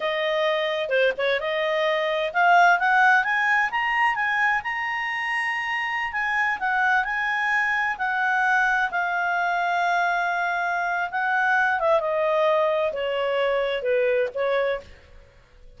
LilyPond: \new Staff \with { instrumentName = "clarinet" } { \time 4/4 \tempo 4 = 130 dis''2 c''8 cis''8 dis''4~ | dis''4 f''4 fis''4 gis''4 | ais''4 gis''4 ais''2~ | ais''4~ ais''16 gis''4 fis''4 gis''8.~ |
gis''4~ gis''16 fis''2 f''8.~ | f''1 | fis''4. e''8 dis''2 | cis''2 b'4 cis''4 | }